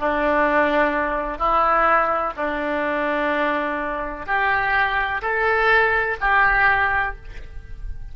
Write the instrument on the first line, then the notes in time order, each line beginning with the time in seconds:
oboe
0.00 D4
1.39 E4
2.37 D4
4.27 G4
5.23 A4
6.21 G4